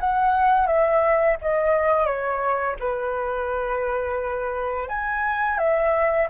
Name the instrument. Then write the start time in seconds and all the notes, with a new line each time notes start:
flute
0.00 F#5
0.67 E5
1.42 D#5
2.06 C#5
2.80 B4
4.89 G#5
5.58 E5